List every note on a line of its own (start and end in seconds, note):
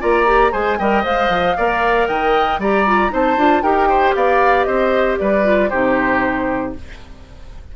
0.00 0.54 A#3
0.00 0.26 F4
0.00 0.52 D5
0.00 0.53 A#5
0.26 0.52 G4
0.52 0.79 G#3
0.52 0.78 G#4
0.52 0.78 C5
0.52 0.79 G#5
0.79 1.05 G3
0.79 1.03 A#4
0.79 1.57 D#5
0.79 1.05 G5
1.03 1.29 G#3
1.03 1.55 C5
1.03 2.08 F5
1.29 1.55 F3
1.57 2.09 A#3
1.57 2.61 A#4
1.57 2.09 D5
2.08 2.59 D#3
2.08 2.60 D#5
2.08 2.60 G5
2.59 3.11 G3
2.59 2.86 G4
2.59 3.12 D5
2.59 3.14 A#5
2.87 3.10 F4
3.10 3.37 C4
3.10 3.36 D#4
3.10 3.63 C5
3.10 3.63 A5
3.37 3.63 D4
3.37 3.63 F4
3.63 4.15 D#4
3.63 5.44 G4
3.63 3.89 A#4
3.63 4.14 G5
3.89 4.15 C5
4.16 4.67 B3
4.16 4.67 D5
4.16 4.64 F5
4.64 5.19 C4
4.64 5.19 C5
4.64 5.16 D#5
5.19 5.72 G3
5.19 5.70 B4
5.19 5.70 D5
5.44 5.70 F4
5.70 6.76 C3
5.70 6.76 D#4
5.70 6.73 G4
5.70 6.73 C5